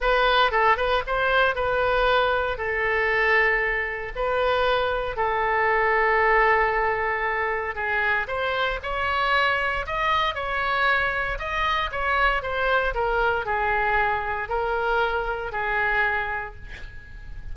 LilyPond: \new Staff \with { instrumentName = "oboe" } { \time 4/4 \tempo 4 = 116 b'4 a'8 b'8 c''4 b'4~ | b'4 a'2. | b'2 a'2~ | a'2. gis'4 |
c''4 cis''2 dis''4 | cis''2 dis''4 cis''4 | c''4 ais'4 gis'2 | ais'2 gis'2 | }